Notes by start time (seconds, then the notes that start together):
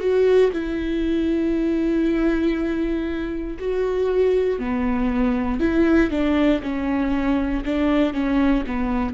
0.00 F#4
0.53 E4
3.59 F#4
4.59 B3
5.60 E4
6.11 D4
6.63 C#4
7.65 D4
8.14 C#4
8.67 B3